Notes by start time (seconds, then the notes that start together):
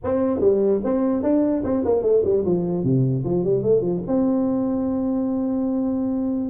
0.04 C4
0.40 G3
0.83 C4
1.22 D4
1.63 C4
1.84 A#3
2.02 A3
2.24 G3
2.45 F3
2.83 C3
3.24 F3
3.44 G3
3.63 A3
3.81 F3
4.07 C4